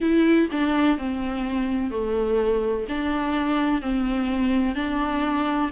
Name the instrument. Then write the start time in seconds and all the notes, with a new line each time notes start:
viola
0.00 E4
0.51 D4
0.98 C4
1.90 A3
2.88 D4
3.81 C4
4.74 D4